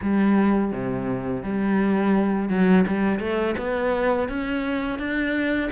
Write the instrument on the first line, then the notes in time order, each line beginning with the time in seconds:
cello
0.02 G3
0.72 C3
1.43 G3
2.49 F#3
2.87 G3
3.19 A3
3.57 B3
4.29 C#4
4.98 D4